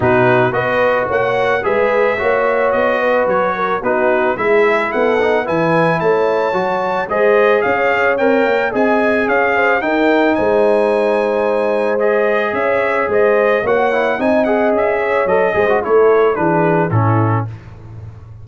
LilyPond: <<
  \new Staff \with { instrumentName = "trumpet" } { \time 4/4 \tempo 4 = 110 b'4 dis''4 fis''4 e''4~ | e''4 dis''4 cis''4 b'4 | e''4 fis''4 gis''4 a''4~ | a''4 dis''4 f''4 g''4 |
gis''4 f''4 g''4 gis''4~ | gis''2 dis''4 e''4 | dis''4 fis''4 gis''8 fis''8 e''4 | dis''4 cis''4 b'4 a'4 | }
  \new Staff \with { instrumentName = "horn" } { \time 4/4 fis'4 b'4 cis''4 b'4 | cis''4. b'4 ais'8 fis'4 | gis'4 a'4 b'4 cis''4~ | cis''4 c''4 cis''2 |
dis''4 cis''8 c''8 ais'4 c''4~ | c''2. cis''4 | c''4 cis''4 dis''4. cis''8~ | cis''8 c''8 a'4 gis'4 e'4 | }
  \new Staff \with { instrumentName = "trombone" } { \time 4/4 dis'4 fis'2 gis'4 | fis'2. dis'4 | e'4. dis'8 e'2 | fis'4 gis'2 ais'4 |
gis'2 dis'2~ | dis'2 gis'2~ | gis'4 fis'8 e'8 dis'8 gis'4. | a'8 gis'16 fis'16 e'4 d'4 cis'4 | }
  \new Staff \with { instrumentName = "tuba" } { \time 4/4 b,4 b4 ais4 gis4 | ais4 b4 fis4 b4 | gis4 b4 e4 a4 | fis4 gis4 cis'4 c'8 ais8 |
c'4 cis'4 dis'4 gis4~ | gis2. cis'4 | gis4 ais4 c'4 cis'4 | fis8 gis8 a4 e4 a,4 | }
>>